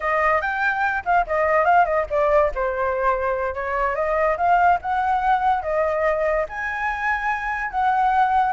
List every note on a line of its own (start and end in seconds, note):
0.00 0.41 D#5
0.41 1.03 G5
1.05 1.26 F5
1.26 1.65 D#5
1.65 1.85 F5
1.85 2.05 D#5
2.10 2.51 D5
2.54 3.54 C5
3.54 3.95 C#5
3.95 4.36 D#5
4.37 4.78 F5
4.81 5.62 F#5
5.62 6.45 D#5
6.48 7.71 G#5
7.71 8.52 F#5